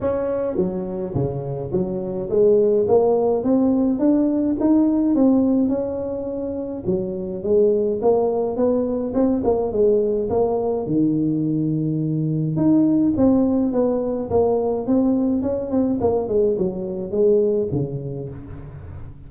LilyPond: \new Staff \with { instrumentName = "tuba" } { \time 4/4 \tempo 4 = 105 cis'4 fis4 cis4 fis4 | gis4 ais4 c'4 d'4 | dis'4 c'4 cis'2 | fis4 gis4 ais4 b4 |
c'8 ais8 gis4 ais4 dis4~ | dis2 dis'4 c'4 | b4 ais4 c'4 cis'8 c'8 | ais8 gis8 fis4 gis4 cis4 | }